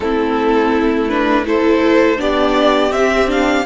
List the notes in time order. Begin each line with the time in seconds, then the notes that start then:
0.00 A3 C4 E4 A4
1.08 D4 B4
1.45 E4 A4 C5
2.17 B3 D4 G4 D5
2.91 C4 E5
3.27 D4 F5